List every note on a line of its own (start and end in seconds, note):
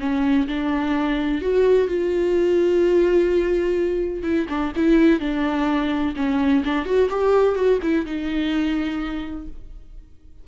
0.00 0.47 C#4
0.48 1.42 D4
1.42 1.88 F#4
1.88 4.23 F4
4.23 4.47 E4
4.49 4.73 D4
4.76 5.20 E4
5.20 6.15 D4
6.16 6.64 C#4
6.65 6.86 D4
6.86 7.09 F#4
7.10 7.56 G4
7.56 7.80 F#4
7.83 8.06 E4
8.06 9.48 D#4